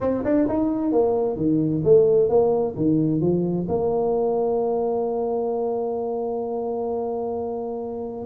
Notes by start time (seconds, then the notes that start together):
0.00 C4
0.24 D4
0.48 D#4
0.92 A#3
1.36 D#3
1.84 A3
2.29 A#3
2.75 D#3
3.21 F3
3.68 A#3